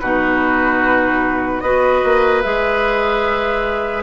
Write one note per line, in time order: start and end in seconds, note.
0.00 1.62 B2
0.00 1.64 D#4
0.00 1.63 F#4
0.00 1.61 B4
1.61 2.02 B3
1.61 2.43 F#4
1.61 4.03 B4
1.61 2.42 D#5
2.04 2.45 A#3
2.42 4.03 G#3
2.42 4.03 G#4
2.42 4.03 E5